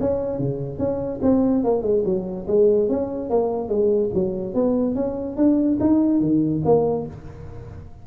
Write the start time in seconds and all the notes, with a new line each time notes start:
0.00 C#4
0.38 C#3
0.78 C#4
1.22 C4
1.64 A#3
1.82 G#3
2.05 F#3
2.47 G#3
2.89 C#4
3.30 A#3
3.69 G#3
4.14 F#3
4.54 B3
4.95 C#4
5.36 D4
5.80 D#4
6.21 D#3
6.65 A#3